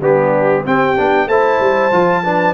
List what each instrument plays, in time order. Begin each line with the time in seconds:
0.00 tuba G3, trombone B3, horn D4, trumpet G4
0.65 trombone C4, tuba C4, horn G4, trumpet G5
0.97 tuba B3, trombone D4
1.27 tuba A3, trombone E4, horn C5, trumpet A5
1.59 tuba G3
1.92 tuba F3, trombone F4
2.24 trombone D4, horn B4